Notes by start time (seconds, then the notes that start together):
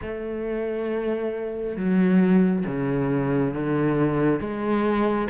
0.02 A3
1.76 F#3
2.66 C#3
3.54 D3
4.40 G#3